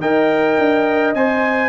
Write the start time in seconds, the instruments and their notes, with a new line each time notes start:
0.00 tuba D#4, trombone A#4, horn D#5, trumpet G5
0.58 tuba D4
1.14 tuba C4, trombone C5, trumpet G#5